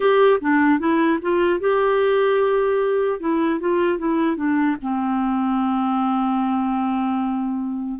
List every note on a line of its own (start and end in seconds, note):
0.00 0.39 G4
0.40 0.79 D4
0.79 1.19 E4
1.21 1.60 F4
1.60 3.20 G4
3.20 3.60 E4
3.60 3.98 F4
3.98 4.36 E4
4.36 4.76 D4
4.81 7.99 C4